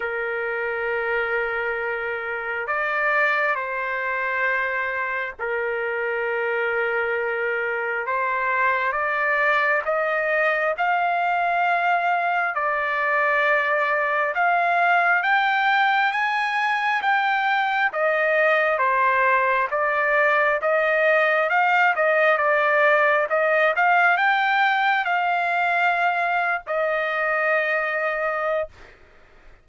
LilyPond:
\new Staff \with { instrumentName = "trumpet" } { \time 4/4 \tempo 4 = 67 ais'2. d''4 | c''2 ais'2~ | ais'4 c''4 d''4 dis''4 | f''2 d''2 |
f''4 g''4 gis''4 g''4 | dis''4 c''4 d''4 dis''4 | f''8 dis''8 d''4 dis''8 f''8 g''4 | f''4.~ f''16 dis''2~ dis''16 | }